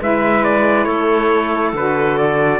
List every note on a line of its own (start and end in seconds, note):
0.00 0.86 G#3
0.00 1.74 E4
0.00 0.86 B4
0.00 0.44 E5
0.44 0.84 D5
0.84 1.73 A3
0.84 2.60 A4
0.84 1.71 C#5
1.73 2.60 D3
1.73 2.60 F#4
1.73 2.17 B4
2.17 2.60 D5